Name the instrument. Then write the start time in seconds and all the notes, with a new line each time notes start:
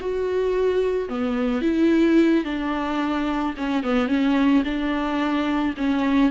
viola
0.00 F#4
1.08 B3
1.61 E4
2.44 D4
3.57 C#4
3.83 B3
4.08 C#4
4.64 D4
5.77 C#4